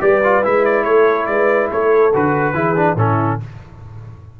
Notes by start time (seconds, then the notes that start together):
0.00 G3 G4 B4 D5
0.24 F4
0.43 G#3 E4 E5
0.65 D5
0.84 A3 A4 C#5
1.25 G#3 B4 D5
1.70 A3 A4 C#5
2.14 D3 F#4 B4
2.53 E3 E4 G#4
2.75 D4
2.95 A2 C#4 E4 A4